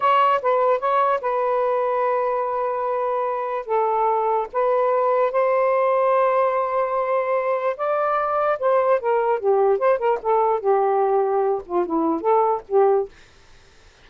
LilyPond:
\new Staff \with { instrumentName = "saxophone" } { \time 4/4 \tempo 4 = 147 cis''4 b'4 cis''4 b'4~ | b'1~ | b'4 a'2 b'4~ | b'4 c''2.~ |
c''2. d''4~ | d''4 c''4 ais'4 g'4 | c''8 ais'8 a'4 g'2~ | g'8 f'8 e'4 a'4 g'4 | }